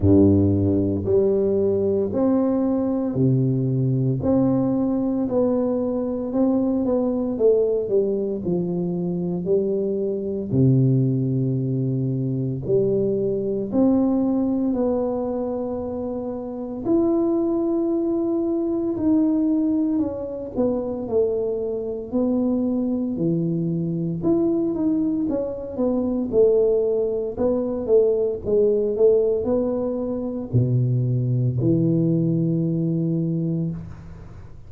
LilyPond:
\new Staff \with { instrumentName = "tuba" } { \time 4/4 \tempo 4 = 57 g,4 g4 c'4 c4 | c'4 b4 c'8 b8 a8 g8 | f4 g4 c2 | g4 c'4 b2 |
e'2 dis'4 cis'8 b8 | a4 b4 e4 e'8 dis'8 | cis'8 b8 a4 b8 a8 gis8 a8 | b4 b,4 e2 | }